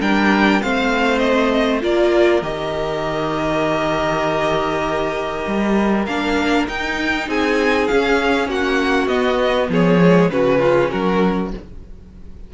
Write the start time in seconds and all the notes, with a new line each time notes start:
0.00 G3 D4 A#4 G5
0.61 A3 C4 C5 F5
1.18 D#5
1.80 A#3 F4 A#4 D5
2.42 D#3 G4 D#5
5.46 G3
6.05 A#3 D4 F5
6.68 D#4 G5
7.28 C4 G#4 G#5
7.87 C#4 F5
8.48 A#3 F#4 F#5
9.07 B3 D#5
9.69 F3 G#4 C#5
10.01 G#3
10.30 C#3 C#4 F#4 B4
10.59 F4
10.90 F#3 F#4 A#4